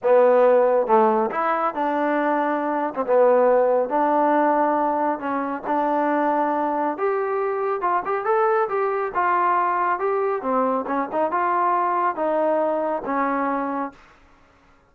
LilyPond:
\new Staff \with { instrumentName = "trombone" } { \time 4/4 \tempo 4 = 138 b2 a4 e'4 | d'2~ d'8. c'16 b4~ | b4 d'2. | cis'4 d'2. |
g'2 f'8 g'8 a'4 | g'4 f'2 g'4 | c'4 cis'8 dis'8 f'2 | dis'2 cis'2 | }